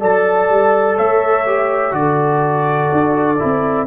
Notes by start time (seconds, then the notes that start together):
0.00 F#3 A4 D5 A5
0.49 G3
0.97 A3 C#5 E5
1.46 G4
1.91 D3 F#4 D5
1.99 A4
2.92 D4
3.39 C4 E4